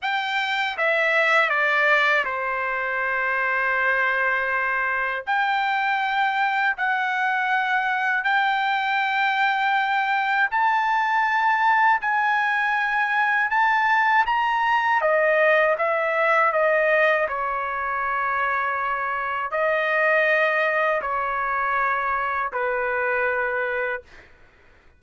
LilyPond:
\new Staff \with { instrumentName = "trumpet" } { \time 4/4 \tempo 4 = 80 g''4 e''4 d''4 c''4~ | c''2. g''4~ | g''4 fis''2 g''4~ | g''2 a''2 |
gis''2 a''4 ais''4 | dis''4 e''4 dis''4 cis''4~ | cis''2 dis''2 | cis''2 b'2 | }